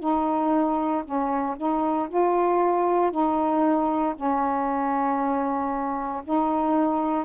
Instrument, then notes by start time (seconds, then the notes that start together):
saxophone
0.00 D#4
1.05 C#4
1.57 D#4
2.09 F4
3.12 D#4
4.16 C#4
6.24 D#4